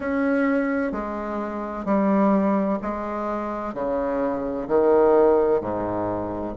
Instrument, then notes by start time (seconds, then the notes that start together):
bassoon
0.00 C#4
0.92 G#3
1.85 G3
2.81 G#3
3.73 C#3
4.68 D#3
5.60 G#2